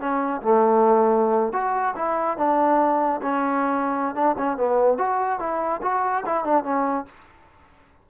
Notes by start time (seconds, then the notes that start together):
0.00 C#4
0.42 A3
1.53 F#4
1.96 E4
2.38 D4
3.22 C#4
4.15 D4
4.38 C#4
4.57 B3
4.98 F#4
5.40 E4
5.83 F#4
6.26 E4
6.45 D4
6.64 C#4